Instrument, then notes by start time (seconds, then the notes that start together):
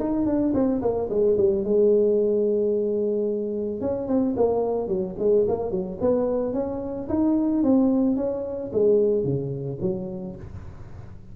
tuba
0.00 D#4
0.26 D4
0.54 C4
0.82 A#3
1.10 G#3
1.38 G3
1.64 G#3
3.81 C#4
4.08 C4
4.37 A#3
4.88 F#3
5.19 G#3
5.48 A#3
5.71 F#3
6.01 B3
6.54 C#4
7.09 D#4
7.64 C4
8.17 C#4
8.73 G#3
9.24 C#3
9.81 F#3